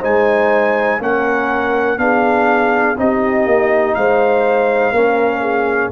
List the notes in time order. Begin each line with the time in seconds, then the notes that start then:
0.00 G#3 D#4 C5 G#5
1.00 A#3 C#4 A#4 F#5
1.97 B3 D4 G#4 F5
2.97 C4 D#4 G4 D#5
3.46 A#3
3.94 G#3 C5 F5
4.92 A#3 C#4 A#4
5.41 G#4